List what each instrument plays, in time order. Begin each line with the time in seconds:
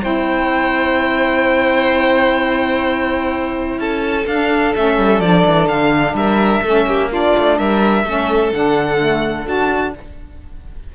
0.00 cello C4, saxophone E4, violin C5 G5
3.78 cello C#4, violin A4 A5
4.27 cello D4, saxophone D4, violin F5
4.76 cello A3, saxophone C#4, violin E5
4.98 cello G3
5.20 cello F3, saxophone D4, violin D5
5.46 cello E3
5.68 cello D3, violin F5
6.14 cello G3, violin A#4 E5
6.62 cello A3, saxophone C#4, violin A4
6.86 cello A#3, violin G4
7.10 saxophone D4, violin F4 D5
7.38 cello A3
7.59 cello G3, violin A#4 E5
8.05 cello A3, saxophone C#4, violin A4
8.53 cello D3, saxophone D4, violin F#5
8.98 saxophone A3
9.46 cello D4, saxophone F#4, violin A5